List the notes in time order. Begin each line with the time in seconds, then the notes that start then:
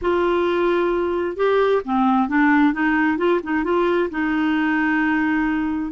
0.01 F4
1.36 G4
1.85 C4
2.28 D4
2.73 D#4
3.17 F4
3.43 D#4
3.64 F4
4.10 D#4